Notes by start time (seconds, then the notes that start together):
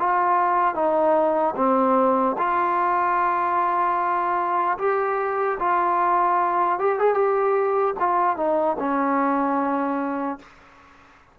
0.00 F4
0.75 D#4
1.56 C4
2.38 F4
4.79 G4
5.60 F4
6.80 G4
6.99 G#4
7.15 G4
8.00 F4
8.37 D#4
8.79 C#4